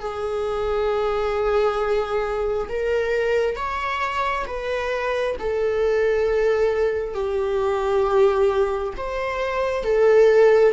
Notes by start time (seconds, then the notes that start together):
0.00 G#4
2.69 A#4
3.57 C#5
4.47 B4
5.39 A4
7.14 G4
8.97 C5
9.84 A4